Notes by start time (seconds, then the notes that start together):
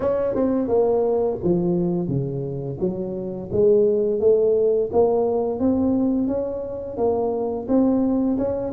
0.00 C#4
0.34 C4
0.68 A#3
1.43 F3
2.08 C#3
2.80 F#3
3.52 G#3
4.20 A3
4.92 A#3
5.59 C4
6.27 C#4
6.97 A#3
7.67 C4
8.38 C#4